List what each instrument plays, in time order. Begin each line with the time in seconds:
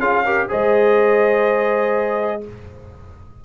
0.00 tuba C#4, trombone F4, horn G#4, trumpet F5
0.25 trombone G4, horn A#4
0.49 tuba G#3, trombone G#4, horn C5, trumpet D#5